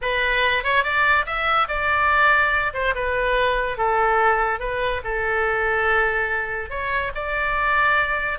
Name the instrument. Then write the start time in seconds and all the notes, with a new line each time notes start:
oboe
0.01 B4
0.63 C#5
0.83 D5
1.25 E5
1.67 D5
2.73 C5
2.94 B4
3.77 A4
4.59 B4
5.04 A4
6.70 C#5
7.14 D5